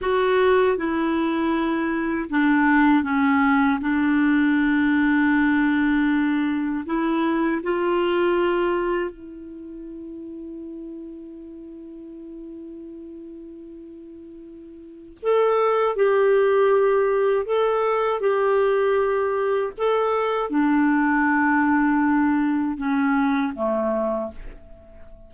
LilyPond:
\new Staff \with { instrumentName = "clarinet" } { \time 4/4 \tempo 4 = 79 fis'4 e'2 d'4 | cis'4 d'2.~ | d'4 e'4 f'2 | e'1~ |
e'1 | a'4 g'2 a'4 | g'2 a'4 d'4~ | d'2 cis'4 a4 | }